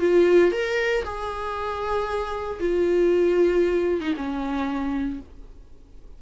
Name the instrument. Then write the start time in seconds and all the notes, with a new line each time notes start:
viola
0.00 F4
0.52 A#4
1.04 G#4
2.60 F4
4.01 D#4
4.17 C#4